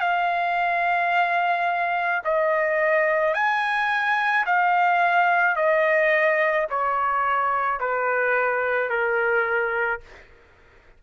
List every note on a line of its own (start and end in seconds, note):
0.00 2.22 F5
2.24 3.34 D#5
3.34 4.45 G#5
4.46 5.56 F5
5.56 6.67 D#5
6.70 7.80 C#5
7.80 8.89 B4
8.89 10.01 A#4